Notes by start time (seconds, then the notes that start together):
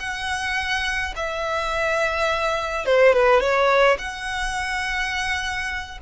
0.00 F#5
1.17 E5
2.86 C5
3.14 B4
3.41 C#5
3.99 F#5